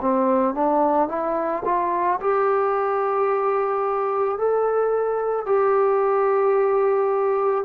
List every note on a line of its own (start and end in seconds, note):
0.00 0.54 C4
0.54 1.08 D4
1.08 1.63 E4
1.65 2.19 F4
2.20 4.37 G4
4.37 5.45 A4
5.45 7.64 G4